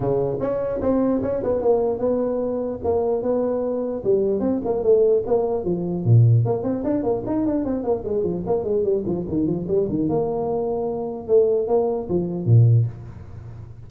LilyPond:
\new Staff \with { instrumentName = "tuba" } { \time 4/4 \tempo 4 = 149 cis4 cis'4 c'4 cis'8 b8 | ais4 b2 ais4 | b2 g4 c'8 ais8 | a4 ais4 f4 ais,4 |
ais8 c'8 d'8 ais8 dis'8 d'8 c'8 ais8 | gis8 f8 ais8 gis8 g8 f8 dis8 f8 | g8 dis8 ais2. | a4 ais4 f4 ais,4 | }